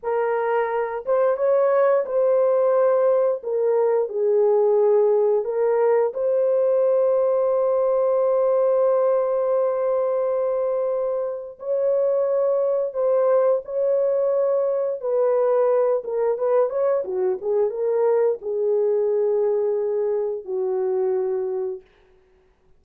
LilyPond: \new Staff \with { instrumentName = "horn" } { \time 4/4 \tempo 4 = 88 ais'4. c''8 cis''4 c''4~ | c''4 ais'4 gis'2 | ais'4 c''2.~ | c''1~ |
c''4 cis''2 c''4 | cis''2 b'4. ais'8 | b'8 cis''8 fis'8 gis'8 ais'4 gis'4~ | gis'2 fis'2 | }